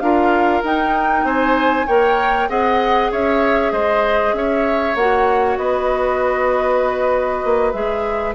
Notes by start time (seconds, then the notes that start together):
0.00 D4 F4 A#4 F5
0.63 D#4 G5
1.24 C4 C5 G#5
1.87 A#3 A#4 C#5 G5
2.49 C4 G#4 D#5 F#5
3.11 C#4 C#5 E5
3.72 G#3 C5 D#5
4.33 C#4 C#5 E5
4.96 A#3 F#4 F#5
5.57 B3 B4 D#5
7.44 A#3
7.72 G#3 G#4 E5